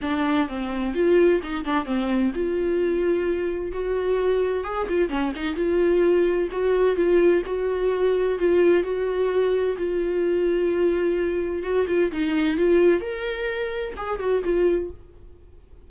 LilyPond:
\new Staff \with { instrumentName = "viola" } { \time 4/4 \tempo 4 = 129 d'4 c'4 f'4 dis'8 d'8 | c'4 f'2. | fis'2 gis'8 f'8 cis'8 dis'8 | f'2 fis'4 f'4 |
fis'2 f'4 fis'4~ | fis'4 f'2.~ | f'4 fis'8 f'8 dis'4 f'4 | ais'2 gis'8 fis'8 f'4 | }